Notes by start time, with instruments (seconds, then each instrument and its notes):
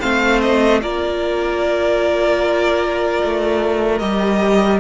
0.00 cello A3, viola C4, violin C5 F5
0.41 violin D#5
0.82 cello A#3, viola F4, violin A#4 D5
3.23 cello A3
3.99 cello G3, viola G4, violin D#5